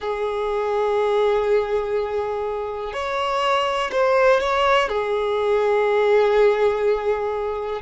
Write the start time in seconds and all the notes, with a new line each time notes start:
0.00 G#4
2.93 C#5
3.91 C5
4.40 C#5
4.88 G#4